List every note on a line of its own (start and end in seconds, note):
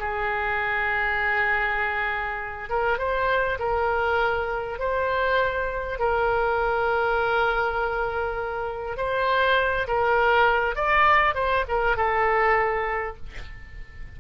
0.00 2.70 G#4
2.70 2.99 A#4
2.99 3.59 C5
3.59 4.79 A#4
4.79 5.99 C5
5.99 8.98 A#4
8.98 9.88 C5
9.88 10.76 A#4
10.76 11.35 D5
11.35 11.65 C5
11.69 11.97 A#4
11.97 13.17 A4